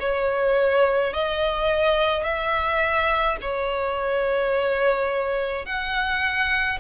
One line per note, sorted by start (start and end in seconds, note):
0.00 1.13 C#5
1.13 2.24 D#5
2.24 3.37 E5
3.41 5.66 C#5
5.66 6.79 F#5